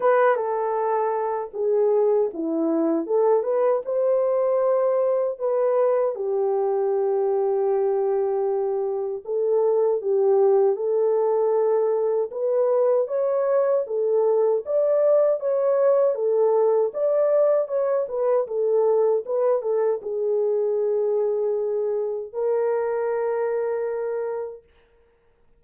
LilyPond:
\new Staff \with { instrumentName = "horn" } { \time 4/4 \tempo 4 = 78 b'8 a'4. gis'4 e'4 | a'8 b'8 c''2 b'4 | g'1 | a'4 g'4 a'2 |
b'4 cis''4 a'4 d''4 | cis''4 a'4 d''4 cis''8 b'8 | a'4 b'8 a'8 gis'2~ | gis'4 ais'2. | }